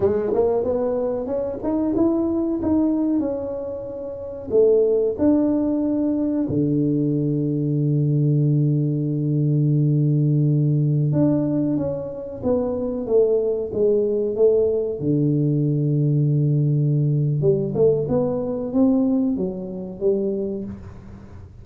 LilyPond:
\new Staff \with { instrumentName = "tuba" } { \time 4/4 \tempo 4 = 93 gis8 ais8 b4 cis'8 dis'8 e'4 | dis'4 cis'2 a4 | d'2 d2~ | d1~ |
d4~ d16 d'4 cis'4 b8.~ | b16 a4 gis4 a4 d8.~ | d2. g8 a8 | b4 c'4 fis4 g4 | }